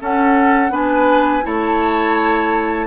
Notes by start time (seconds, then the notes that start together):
0.00 C#4 A4 F#5
0.70 B3 D4 B4 G#5
1.43 A3 E4 C#5 A5